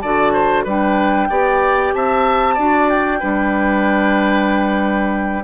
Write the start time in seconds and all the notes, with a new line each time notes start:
0.00 D3 F#4 D5 A5
0.33 C5
0.64 G3 D4 B4 G5
1.29 B3 G4 D5
1.93 C4 E5 A5
2.54 D4 F#4 D5
2.89 G5
3.20 G3 D4 B4